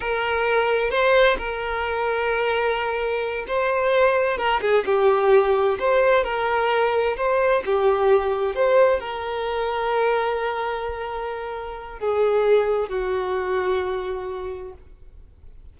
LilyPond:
\new Staff \with { instrumentName = "violin" } { \time 4/4 \tempo 4 = 130 ais'2 c''4 ais'4~ | ais'2.~ ais'8 c''8~ | c''4. ais'8 gis'8 g'4.~ | g'8 c''4 ais'2 c''8~ |
c''8 g'2 c''4 ais'8~ | ais'1~ | ais'2 gis'2 | fis'1 | }